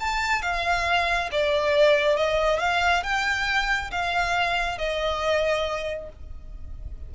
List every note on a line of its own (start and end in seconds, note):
0.00 0.42 A5
0.42 1.30 F5
1.32 2.16 D5
2.16 2.59 D#5
2.59 3.03 F5
3.03 3.91 G5
3.91 4.78 F5
4.78 6.10 D#5